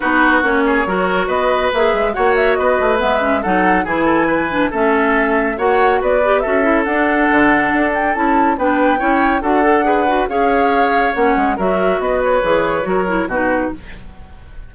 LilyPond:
<<
  \new Staff \with { instrumentName = "flute" } { \time 4/4 \tempo 4 = 140 b'4 cis''2 dis''4 | e''4 fis''8 e''8 dis''4 e''4 | fis''4 gis''2 e''4~ | e''4 fis''4 d''4 e''4 |
fis''2~ fis''8 g''8 a''4 | g''2 fis''2 | f''2 fis''4 e''4 | dis''8 cis''2~ cis''8 b'4 | }
  \new Staff \with { instrumentName = "oboe" } { \time 4/4 fis'4. gis'8 ais'4 b'4~ | b'4 cis''4 b'2 | a'4 gis'8 a'8 b'4 a'4~ | a'4 cis''4 b'4 a'4~ |
a'1 | b'4 cis''4 a'4 b'4 | cis''2. ais'4 | b'2 ais'4 fis'4 | }
  \new Staff \with { instrumentName = "clarinet" } { \time 4/4 dis'4 cis'4 fis'2 | gis'4 fis'2 b8 cis'8 | dis'4 e'4. d'8 cis'4~ | cis'4 fis'4. g'8 fis'8 e'8 |
d'2. e'4 | d'4 e'4 fis'8 a'8 gis'8 fis'8 | gis'2 cis'4 fis'4~ | fis'4 gis'4 fis'8 e'8 dis'4 | }
  \new Staff \with { instrumentName = "bassoon" } { \time 4/4 b4 ais4 fis4 b4 | ais8 gis8 ais4 b8 a8 gis4 | fis4 e2 a4~ | a4 ais4 b4 cis'4 |
d'4 d4 d'4 cis'4 | b4 cis'4 d'2 | cis'2 ais8 gis8 fis4 | b4 e4 fis4 b,4 | }
>>